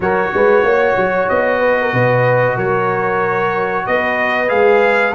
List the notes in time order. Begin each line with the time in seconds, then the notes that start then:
0.00 F#3 F#4 A#4 C#5
0.33 G#3 B4
0.63 A#3 C#5
0.96 F#3
1.28 B3 D#5
1.59 B4
1.81 A#4
1.93 B2 B4
2.56 F#3 A#4 C#5
3.86 B3 B4 D#5
4.48 G#3 G#4 F5